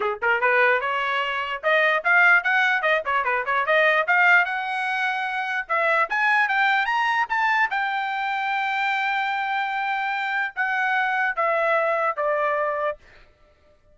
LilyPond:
\new Staff \with { instrumentName = "trumpet" } { \time 4/4 \tempo 4 = 148 gis'8 ais'8 b'4 cis''2 | dis''4 f''4 fis''4 dis''8 cis''8 | b'8 cis''8 dis''4 f''4 fis''4~ | fis''2 e''4 gis''4 |
g''4 ais''4 a''4 g''4~ | g''1~ | g''2 fis''2 | e''2 d''2 | }